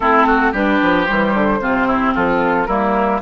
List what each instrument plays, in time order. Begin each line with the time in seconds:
0.00 bassoon A3, clarinet C4, oboe E4, flute A4
0.26 oboe F#4
0.51 bassoon G3, clarinet D4, oboe G4, flute B4
0.81 bassoon F3
1.06 bassoon E3, clarinet G3, flute C5
1.34 bassoon D3
1.61 bassoon C3, clarinet C4, oboe F4
1.87 oboe E4
2.14 bassoon F3, oboe F4, flute A4
2.66 bassoon G3, clarinet A#3, oboe E4, flute A#4